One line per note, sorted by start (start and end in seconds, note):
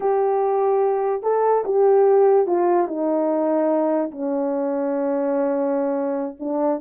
0.00 1.23 G4
1.23 1.64 A4
1.64 2.47 G4
2.47 2.87 F4
2.87 4.11 D#4
4.11 6.37 C#4
6.39 6.80 D4